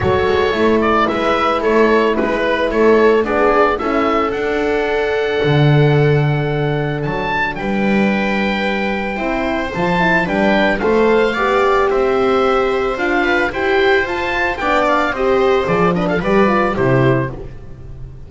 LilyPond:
<<
  \new Staff \with { instrumentName = "oboe" } { \time 4/4 \tempo 4 = 111 cis''4. d''8 e''4 cis''4 | b'4 cis''4 d''4 e''4 | fis''1~ | fis''4 a''4 g''2~ |
g''2 a''4 g''4 | f''2 e''2 | f''4 g''4 a''4 g''8 f''8 | dis''4 d''8 dis''16 f''16 d''4 c''4 | }
  \new Staff \with { instrumentName = "viola" } { \time 4/4 a'2 b'4 a'4 | b'4 a'4 gis'4 a'4~ | a'1~ | a'2 b'2~ |
b'4 c''2 b'4 | c''4 d''4 c''2~ | c''8 b'8 c''2 d''4 | c''4. b'16 a'16 b'4 g'4 | }
  \new Staff \with { instrumentName = "horn" } { \time 4/4 fis'4 e'2.~ | e'2 d'4 e'4 | d'1~ | d'1~ |
d'4 e'4 f'8 e'8 d'4 | a'4 g'2. | f'4 g'4 f'4 d'4 | g'4 gis'8 d'8 g'8 f'8 e'4 | }
  \new Staff \with { instrumentName = "double bass" } { \time 4/4 fis8 gis8 a4 gis4 a4 | gis4 a4 b4 cis'4 | d'2 d2~ | d4 fis4 g2~ |
g4 c'4 f4 g4 | a4 b4 c'2 | d'4 e'4 f'4 b4 | c'4 f4 g4 c4 | }
>>